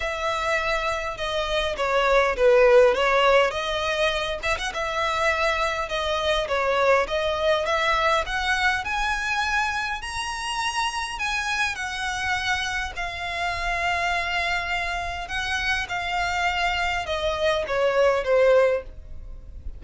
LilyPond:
\new Staff \with { instrumentName = "violin" } { \time 4/4 \tempo 4 = 102 e''2 dis''4 cis''4 | b'4 cis''4 dis''4. e''16 fis''16 | e''2 dis''4 cis''4 | dis''4 e''4 fis''4 gis''4~ |
gis''4 ais''2 gis''4 | fis''2 f''2~ | f''2 fis''4 f''4~ | f''4 dis''4 cis''4 c''4 | }